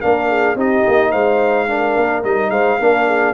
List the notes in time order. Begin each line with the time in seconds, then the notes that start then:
0.00 A#3 D4 A#4 F5
0.28 G#4
0.55 C4 D#4 G4 D#5
0.87 A#3
1.10 G#3 C5 F5
1.68 D4 A#4
1.96 A#3
2.24 G3 D#4 D#5
2.50 G#3 C5 F5
2.79 A#3 D4 A#4
3.07 G#4